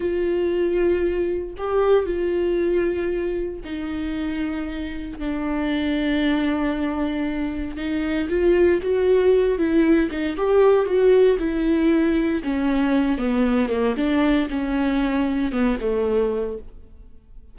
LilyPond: \new Staff \with { instrumentName = "viola" } { \time 4/4 \tempo 4 = 116 f'2. g'4 | f'2. dis'4~ | dis'2 d'2~ | d'2. dis'4 |
f'4 fis'4. e'4 dis'8 | g'4 fis'4 e'2 | cis'4. b4 ais8 d'4 | cis'2 b8 a4. | }